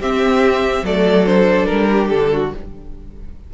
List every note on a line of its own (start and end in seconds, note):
0.00 0.83 C4
0.00 0.85 C4
0.00 0.84 G4
0.00 0.86 E5
0.83 1.67 F#3
0.83 1.26 A3
0.83 1.91 A4
0.83 1.26 D5
1.26 2.52 D4
1.26 1.66 C5
1.66 2.12 G3
1.66 2.08 A#4
1.92 2.33 G4
2.09 2.54 D3
2.09 2.51 A4
2.33 2.54 F#4